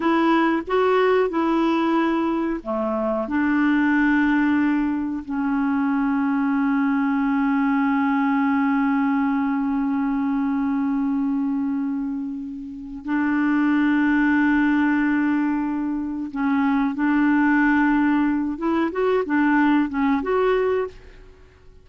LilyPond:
\new Staff \with { instrumentName = "clarinet" } { \time 4/4 \tempo 4 = 92 e'4 fis'4 e'2 | a4 d'2. | cis'1~ | cis'1~ |
cis'1 | d'1~ | d'4 cis'4 d'2~ | d'8 e'8 fis'8 d'4 cis'8 fis'4 | }